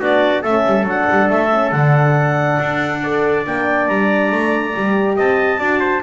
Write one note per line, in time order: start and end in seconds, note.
0.00 0.43 B3
0.00 0.44 D4
0.00 0.42 F#4
0.00 0.44 D5
0.42 0.66 A3
0.42 0.85 C#4
0.42 3.01 A4
0.42 0.87 E5
0.66 0.84 G3
0.84 1.05 F#3
0.84 1.50 D4
0.84 1.30 F#5
1.11 1.30 G3
1.30 1.72 A3
1.30 1.72 E5
1.51 1.73 C#4
1.72 2.59 D3
1.72 3.02 D4
1.72 3.44 F#5
2.60 3.46 D4
3.04 3.46 A4
3.04 5.17 D5
3.46 3.89 A#3
3.46 4.75 D4
3.46 3.88 G5
3.88 4.32 G3
3.88 5.17 A#5
4.32 4.75 A3
4.75 5.18 G3
4.75 5.59 G4
5.17 5.60 C4
5.17 5.60 D#5
5.17 6.03 A5
5.59 6.03 D4
5.59 6.03 F#4
5.59 5.80 D5
5.80 6.02 C5